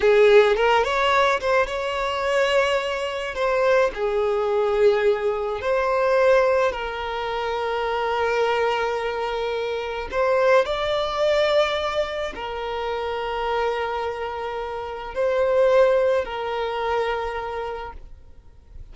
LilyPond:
\new Staff \with { instrumentName = "violin" } { \time 4/4 \tempo 4 = 107 gis'4 ais'8 cis''4 c''8 cis''4~ | cis''2 c''4 gis'4~ | gis'2 c''2 | ais'1~ |
ais'2 c''4 d''4~ | d''2 ais'2~ | ais'2. c''4~ | c''4 ais'2. | }